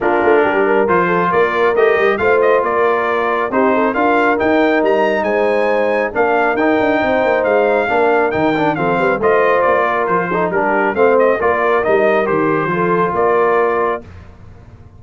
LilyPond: <<
  \new Staff \with { instrumentName = "trumpet" } { \time 4/4 \tempo 4 = 137 ais'2 c''4 d''4 | dis''4 f''8 dis''8 d''2 | c''4 f''4 g''4 ais''4 | gis''2 f''4 g''4~ |
g''4 f''2 g''4 | f''4 dis''4 d''4 c''4 | ais'4 f''8 dis''8 d''4 dis''4 | c''2 d''2 | }
  \new Staff \with { instrumentName = "horn" } { \time 4/4 f'4 g'8 ais'4 a'8 ais'4~ | ais'4 c''4 ais'2 | g'8 a'8 ais'2. | c''2 ais'2 |
c''2 ais'2 | a'8 b'8 c''4. ais'4 a'8 | g'4 c''4 ais'2~ | ais'4 a'4 ais'2 | }
  \new Staff \with { instrumentName = "trombone" } { \time 4/4 d'2 f'2 | g'4 f'2. | dis'4 f'4 dis'2~ | dis'2 d'4 dis'4~ |
dis'2 d'4 dis'8 d'8 | c'4 f'2~ f'8 dis'8 | d'4 c'4 f'4 dis'4 | g'4 f'2. | }
  \new Staff \with { instrumentName = "tuba" } { \time 4/4 ais8 a8 g4 f4 ais4 | a8 g8 a4 ais2 | c'4 d'4 dis'4 g4 | gis2 ais4 dis'8 d'8 |
c'8 ais8 gis4 ais4 dis4 | f8 g8 a4 ais4 f4 | g4 a4 ais4 g4 | dis4 f4 ais2 | }
>>